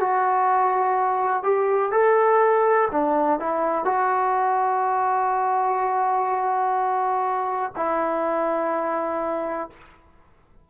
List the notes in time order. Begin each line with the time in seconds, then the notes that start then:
0.00 F#4
1.43 G4
1.92 A4
2.91 D4
3.40 E4
3.85 F#4
7.76 E4